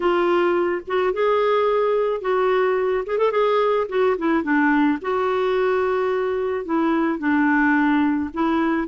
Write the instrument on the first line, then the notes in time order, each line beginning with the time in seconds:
clarinet
0.00 F4
0.87 F#4
1.13 G#4
2.21 F#4
3.06 G#4
3.17 A4
3.31 G#4
3.89 F#4
4.17 E4
4.43 D4
5.01 F#4
6.65 E4
7.18 D4
8.33 E4